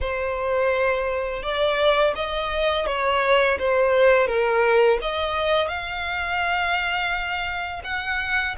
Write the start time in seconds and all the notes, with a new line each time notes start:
0.00 C5
1.42 D5
2.15 D#5
2.86 C#5
3.58 C5
4.27 A#4
5.01 D#5
5.68 F5
7.84 F#5